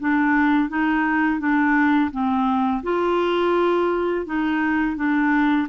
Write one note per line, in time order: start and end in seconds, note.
0.00 0.69 D4
0.69 1.39 D#4
1.39 2.11 D4
2.11 2.83 C4
2.83 4.26 F4
4.26 4.96 D#4
4.96 5.68 D4